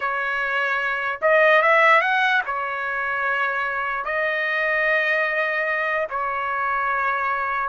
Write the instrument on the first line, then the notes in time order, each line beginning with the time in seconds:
trumpet
0.00 C#5
1.21 D#5
1.61 E5
2.01 F#5
2.45 C#5
4.04 D#5
6.10 C#5